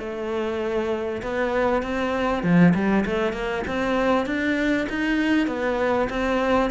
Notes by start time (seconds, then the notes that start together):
0.00 A3
1.23 B3
1.83 C4
2.44 F3
2.75 G3
3.06 A3
3.33 A#3
3.68 C4
4.26 D4
4.90 D#4
5.48 B3
6.10 C4